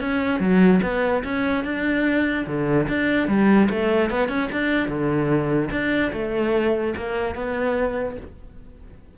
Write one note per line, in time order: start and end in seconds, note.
0.00 0.40 C#4
0.40 0.81 F#3
0.82 1.23 B3
1.24 1.64 C#4
1.64 2.46 D4
2.47 2.88 D3
2.88 3.28 D4
3.28 3.68 G3
3.70 4.10 A3
4.10 4.28 B3
4.28 4.49 C#4
4.52 4.88 D4
4.88 5.70 D3
5.71 6.12 D4
6.13 6.94 A3
6.97 7.35 A#3
7.35 8.16 B3